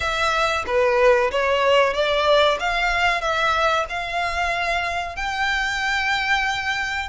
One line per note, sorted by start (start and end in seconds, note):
0.00 0.64 E5
0.66 1.30 B4
1.31 1.93 C#5
1.93 2.58 D5
2.59 3.21 F5
3.21 3.85 E5
3.89 5.16 F5
5.16 7.09 G5